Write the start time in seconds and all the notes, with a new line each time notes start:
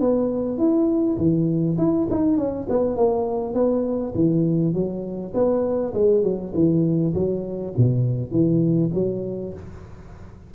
0.00 B3
0.58 E4
1.18 E3
1.78 E4
2.10 D#4
2.37 C#4
2.69 B3
2.96 A#3
3.54 B3
4.14 E3
4.73 F#3
5.34 B3
5.93 G#3
6.23 F#3
6.54 E3
7.14 F#3
7.77 B2
8.31 E3
8.94 F#3